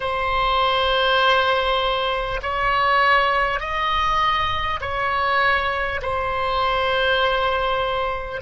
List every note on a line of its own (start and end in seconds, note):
0.00 2.40 C5
2.42 3.60 C#5
3.60 4.80 D#5
4.81 6.01 C#5
6.02 8.41 C5